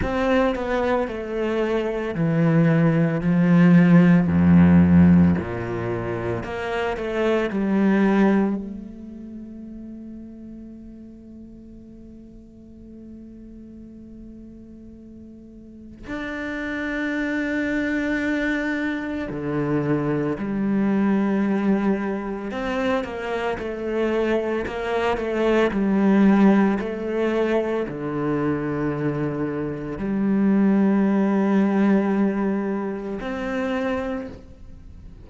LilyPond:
\new Staff \with { instrumentName = "cello" } { \time 4/4 \tempo 4 = 56 c'8 b8 a4 e4 f4 | f,4 ais,4 ais8 a8 g4 | a1~ | a2. d'4~ |
d'2 d4 g4~ | g4 c'8 ais8 a4 ais8 a8 | g4 a4 d2 | g2. c'4 | }